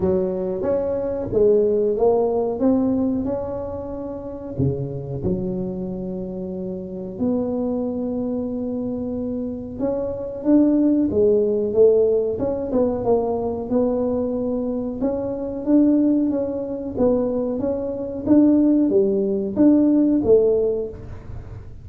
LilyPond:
\new Staff \with { instrumentName = "tuba" } { \time 4/4 \tempo 4 = 92 fis4 cis'4 gis4 ais4 | c'4 cis'2 cis4 | fis2. b4~ | b2. cis'4 |
d'4 gis4 a4 cis'8 b8 | ais4 b2 cis'4 | d'4 cis'4 b4 cis'4 | d'4 g4 d'4 a4 | }